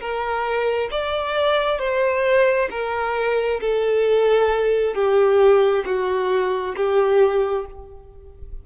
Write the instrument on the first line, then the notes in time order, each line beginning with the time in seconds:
violin
0.00 A#4
0.91 D5
1.79 C5
2.71 A#4
3.61 A4
4.95 G4
5.85 F#4
6.76 G4